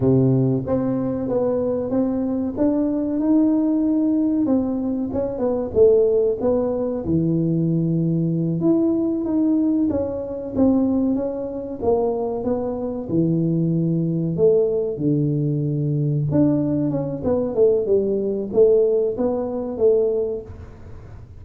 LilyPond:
\new Staff \with { instrumentName = "tuba" } { \time 4/4 \tempo 4 = 94 c4 c'4 b4 c'4 | d'4 dis'2 c'4 | cis'8 b8 a4 b4 e4~ | e4. e'4 dis'4 cis'8~ |
cis'8 c'4 cis'4 ais4 b8~ | b8 e2 a4 d8~ | d4. d'4 cis'8 b8 a8 | g4 a4 b4 a4 | }